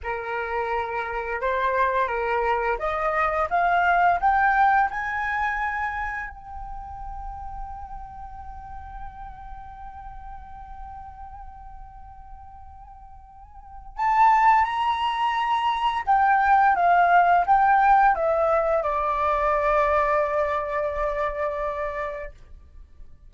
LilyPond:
\new Staff \with { instrumentName = "flute" } { \time 4/4 \tempo 4 = 86 ais'2 c''4 ais'4 | dis''4 f''4 g''4 gis''4~ | gis''4 g''2.~ | g''1~ |
g''1 | a''4 ais''2 g''4 | f''4 g''4 e''4 d''4~ | d''1 | }